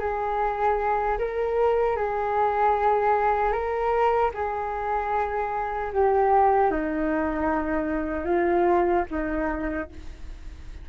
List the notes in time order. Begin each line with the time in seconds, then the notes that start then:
0.00 G#4
1.18 A#4
1.97 G#4
3.52 A#4
4.34 G#4
5.93 G4
6.71 D#4
8.25 F4
9.10 D#4